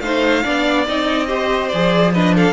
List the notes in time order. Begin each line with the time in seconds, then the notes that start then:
0.00 A3 D#4 C5 F5
0.43 B3 D4 D5
0.87 C4 D#4 D#5
1.27 G4 C5
1.69 F3 G#4 D5
2.14 D4 B4 D#5
2.35 A4 F5